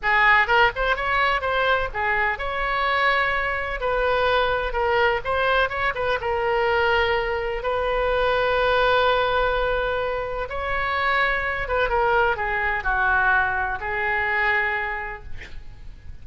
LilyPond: \new Staff \with { instrumentName = "oboe" } { \time 4/4 \tempo 4 = 126 gis'4 ais'8 c''8 cis''4 c''4 | gis'4 cis''2. | b'2 ais'4 c''4 | cis''8 b'8 ais'2. |
b'1~ | b'2 cis''2~ | cis''8 b'8 ais'4 gis'4 fis'4~ | fis'4 gis'2. | }